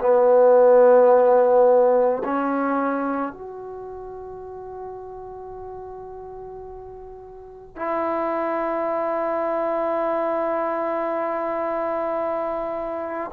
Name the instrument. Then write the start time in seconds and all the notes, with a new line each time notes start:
trombone
0.00 B3
2.24 C#4
3.32 F#4
7.75 E4